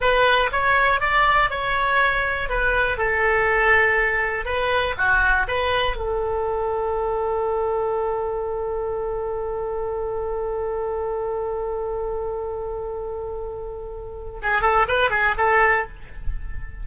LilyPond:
\new Staff \with { instrumentName = "oboe" } { \time 4/4 \tempo 4 = 121 b'4 cis''4 d''4 cis''4~ | cis''4 b'4 a'2~ | a'4 b'4 fis'4 b'4 | a'1~ |
a'1~ | a'1~ | a'1~ | a'4 gis'8 a'8 b'8 gis'8 a'4 | }